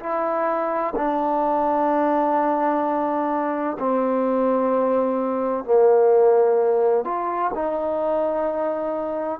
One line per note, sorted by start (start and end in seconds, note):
0.00 0.94 E4
0.96 3.78 D4
3.79 5.64 C4
5.64 7.04 A#3
7.04 7.51 F4
7.54 9.40 D#4